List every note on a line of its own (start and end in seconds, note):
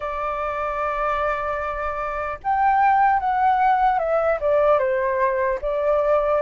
0.00 2.38 D5
2.43 3.19 G5
3.19 3.98 F#5
3.98 4.38 E5
4.40 4.78 D5
4.78 5.58 C5
5.61 6.41 D5